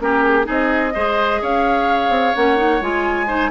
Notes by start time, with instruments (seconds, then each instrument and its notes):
0.00 bassoon A#3, clarinet C#4, oboe G4, flute A#4
0.24 flute G#4
0.44 bassoon C4, clarinet D#4, oboe G#4
0.51 flute D#5
0.95 bassoon G#3, clarinet G#4, oboe C5
1.42 bassoon C#4, oboe C#5, flute F5
2.09 bassoon C4
2.36 bassoon A#3, clarinet C#4, flute F#5
2.57 clarinet D#4
2.81 bassoon G#3, clarinet F4, flute G#5
3.28 clarinet D#4, oboe C5